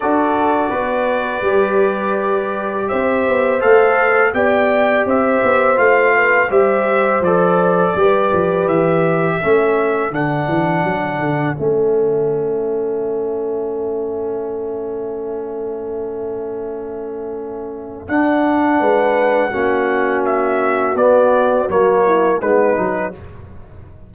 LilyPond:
<<
  \new Staff \with { instrumentName = "trumpet" } { \time 4/4 \tempo 4 = 83 d''1 | e''4 f''4 g''4 e''4 | f''4 e''4 d''2 | e''2 fis''2 |
e''1~ | e''1~ | e''4 fis''2. | e''4 d''4 cis''4 b'4 | }
  \new Staff \with { instrumentName = "horn" } { \time 4/4 a'4 b'2. | c''2 d''4 c''4~ | c''8 b'8 c''2 b'4~ | b'4 a'2.~ |
a'1~ | a'1~ | a'2 b'4 fis'4~ | fis'2~ fis'8 e'8 dis'4 | }
  \new Staff \with { instrumentName = "trombone" } { \time 4/4 fis'2 g'2~ | g'4 a'4 g'2 | f'4 g'4 a'4 g'4~ | g'4 cis'4 d'2 |
cis'1~ | cis'1~ | cis'4 d'2 cis'4~ | cis'4 b4 ais4 b8 dis'8 | }
  \new Staff \with { instrumentName = "tuba" } { \time 4/4 d'4 b4 g2 | c'8 b8 a4 b4 c'8 b8 | a4 g4 f4 g8 f8 | e4 a4 d8 e8 fis8 d8 |
a1~ | a1~ | a4 d'4 gis4 ais4~ | ais4 b4 fis4 gis8 fis8 | }
>>